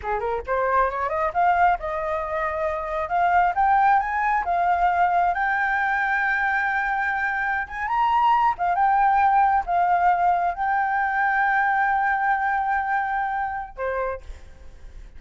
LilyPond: \new Staff \with { instrumentName = "flute" } { \time 4/4 \tempo 4 = 135 gis'8 ais'8 c''4 cis''8 dis''8 f''4 | dis''2. f''4 | g''4 gis''4 f''2 | g''1~ |
g''4~ g''16 gis''8 ais''4. f''8 g''16~ | g''4.~ g''16 f''2 g''16~ | g''1~ | g''2. c''4 | }